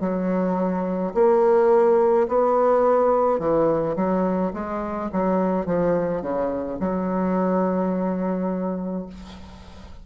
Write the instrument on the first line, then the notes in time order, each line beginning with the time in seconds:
bassoon
0.00 F#3
1.14 A#3
2.28 B3
3.39 E3
3.95 F#3
4.53 G#3
5.12 F#3
5.66 F3
6.21 C#3
6.79 F#3